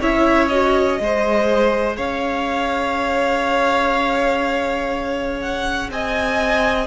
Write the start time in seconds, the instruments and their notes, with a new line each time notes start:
0.00 cello C#4, viola E4, violin C#5 E5
0.47 viola F#4, violin D#5
0.99 cello G#3, viola G#4, violin C5
1.97 cello C#4, violin C#5 F5
5.41 violin F#5
5.90 cello C4, violin D#5 G#5